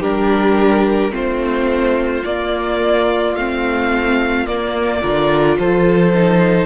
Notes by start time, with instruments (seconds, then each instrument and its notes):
0.00 cello G3, viola D4, violin G4 A#4
1.11 cello A3, viola C4, violin F4 C5
2.24 cello A#3, viola A#3, violin D5
3.35 cello A3, viola C4, violin F5
4.46 cello A#3, viola A#3, violin D5
5.01 cello D3, viola F4, violin A#4
5.58 cello F3, violin A4 C5
6.14 viola D#4